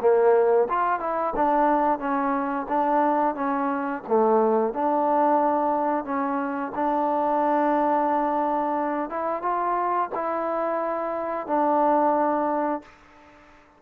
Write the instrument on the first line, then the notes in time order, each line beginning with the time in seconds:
trombone
0.00 A#3
0.69 F4
1.00 E4
1.35 D4
1.99 C#4
2.68 D4
3.35 C#4
4.07 A3
4.73 D4
6.04 C#4
6.74 D4
9.09 E4
9.42 F4
10.14 E4
11.46 D4